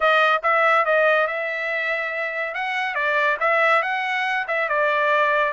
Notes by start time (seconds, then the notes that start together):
0.00 D#5
0.42 E5
0.85 D#5
1.27 E5
2.54 F#5
2.94 D5
3.39 E5
3.82 F#5
4.47 E5
4.68 D5